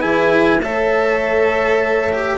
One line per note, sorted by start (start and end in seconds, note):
0.00 0.61 E3
0.00 0.59 E4
0.00 0.60 G#4
0.00 0.60 G#5
0.61 2.38 A3
0.61 2.11 A4
0.61 2.38 C#5
0.61 2.38 E5
2.12 2.38 G4